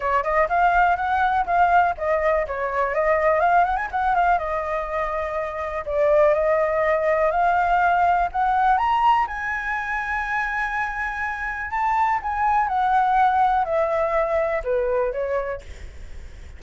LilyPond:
\new Staff \with { instrumentName = "flute" } { \time 4/4 \tempo 4 = 123 cis''8 dis''8 f''4 fis''4 f''4 | dis''4 cis''4 dis''4 f''8 fis''16 gis''16 | fis''8 f''8 dis''2. | d''4 dis''2 f''4~ |
f''4 fis''4 ais''4 gis''4~ | gis''1 | a''4 gis''4 fis''2 | e''2 b'4 cis''4 | }